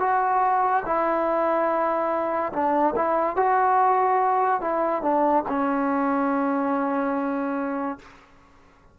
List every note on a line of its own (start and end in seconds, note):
0.00 0.83 F#4
0.86 2.53 E4
2.53 2.94 D4
2.96 3.36 E4
3.36 4.61 F#4
4.61 5.03 E4
5.03 5.44 D4
5.48 7.98 C#4